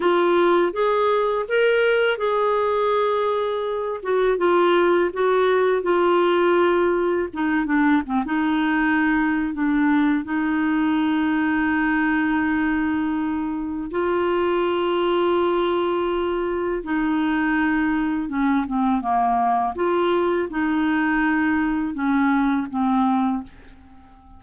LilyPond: \new Staff \with { instrumentName = "clarinet" } { \time 4/4 \tempo 4 = 82 f'4 gis'4 ais'4 gis'4~ | gis'4. fis'8 f'4 fis'4 | f'2 dis'8 d'8 c'16 dis'8.~ | dis'4 d'4 dis'2~ |
dis'2. f'4~ | f'2. dis'4~ | dis'4 cis'8 c'8 ais4 f'4 | dis'2 cis'4 c'4 | }